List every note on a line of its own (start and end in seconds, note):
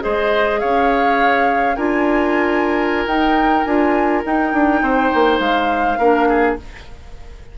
0.00 0.63 G#3
0.00 1.75 G#4
0.00 0.60 C5
0.00 0.59 D#5
0.59 1.76 C#4
0.59 1.76 C#5
0.59 1.75 F5
1.75 3.06 D4
1.75 3.08 F4
1.75 4.82 A#4
1.75 3.07 G#5
3.06 3.64 D#4
3.06 3.65 D#4
3.06 3.64 G5
3.64 4.23 D4
3.64 4.24 F4
3.64 4.22 G#5
4.25 4.53 D#4
4.25 5.99 D#4
4.25 5.40 G5
4.53 4.81 D4
4.81 5.11 C4
4.81 5.98 C5
5.14 5.39 A#3
5.39 5.97 G#3
5.39 6.56 F5
5.98 6.57 A#3
5.98 6.58 D4
5.98 6.28 A#4
6.28 6.57 G#4